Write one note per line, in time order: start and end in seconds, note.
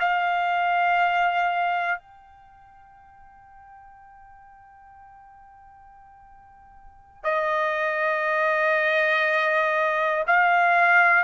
0.00 1.99 F5
1.99 7.24 G5
7.24 10.24 D#5
10.27 11.24 F5